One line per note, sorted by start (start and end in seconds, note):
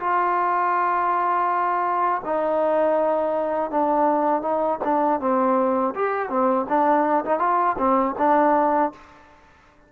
0.00 2.22 F4
2.26 3.71 D#4
3.71 4.42 D4
4.42 4.79 D#4
4.85 5.21 D4
5.21 5.95 C4
5.96 6.30 G4
6.30 6.67 C4
6.69 7.25 D4
7.25 7.40 D#4
7.40 7.77 F4
7.79 8.16 C4
8.19 8.93 D4